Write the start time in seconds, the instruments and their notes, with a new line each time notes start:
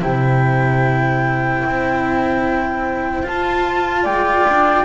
0.00 double bass C3, cello E4, flute C5 G5
1.65 double bass C4
3.23 cello F4, double bass F4, flute A5
4.04 double bass G#3, flute D5 G5
4.48 double bass D4